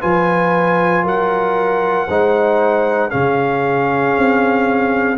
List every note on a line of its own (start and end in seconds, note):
0.00 1.03 F3
0.00 2.08 F4
0.00 1.03 B4
0.00 1.05 G#5
1.03 2.07 F#3
1.03 2.07 A#4
1.03 3.10 F#5
2.07 3.12 G#3
2.07 3.10 D#4
2.07 3.09 C5
3.09 4.17 C#3
3.09 5.17 C#4
3.09 5.16 G#4
3.09 5.17 F5
4.18 5.18 C4